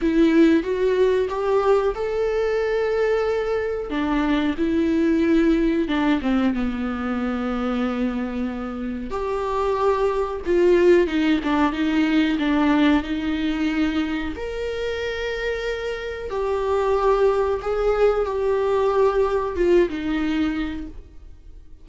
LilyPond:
\new Staff \with { instrumentName = "viola" } { \time 4/4 \tempo 4 = 92 e'4 fis'4 g'4 a'4~ | a'2 d'4 e'4~ | e'4 d'8 c'8 b2~ | b2 g'2 |
f'4 dis'8 d'8 dis'4 d'4 | dis'2 ais'2~ | ais'4 g'2 gis'4 | g'2 f'8 dis'4. | }